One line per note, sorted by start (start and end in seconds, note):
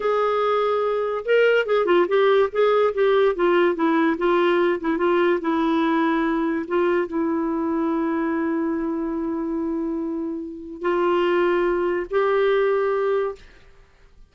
0.00 1.25 G#4
1.25 1.66 A#4
1.66 1.85 G#4
1.85 2.06 F4
2.07 2.49 G4
2.52 2.93 G#4
2.94 3.35 G4
3.35 3.75 F4
3.75 4.16 E4
4.17 4.80 F4
4.80 4.97 E4
4.97 5.39 F4
5.40 6.65 E4
6.67 7.07 F4
7.07 10.81 E4
10.81 12.06 F4
12.10 13.35 G4